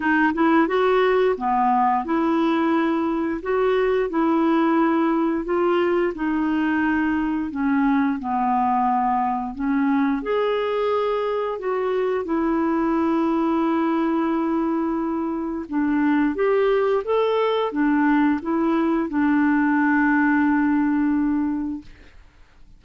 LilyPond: \new Staff \with { instrumentName = "clarinet" } { \time 4/4 \tempo 4 = 88 dis'8 e'8 fis'4 b4 e'4~ | e'4 fis'4 e'2 | f'4 dis'2 cis'4 | b2 cis'4 gis'4~ |
gis'4 fis'4 e'2~ | e'2. d'4 | g'4 a'4 d'4 e'4 | d'1 | }